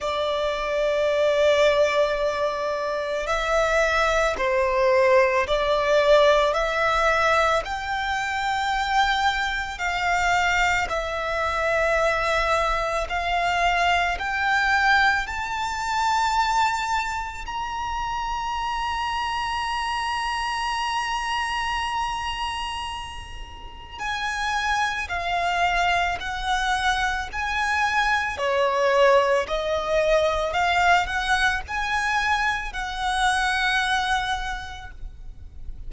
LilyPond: \new Staff \with { instrumentName = "violin" } { \time 4/4 \tempo 4 = 55 d''2. e''4 | c''4 d''4 e''4 g''4~ | g''4 f''4 e''2 | f''4 g''4 a''2 |
ais''1~ | ais''2 gis''4 f''4 | fis''4 gis''4 cis''4 dis''4 | f''8 fis''8 gis''4 fis''2 | }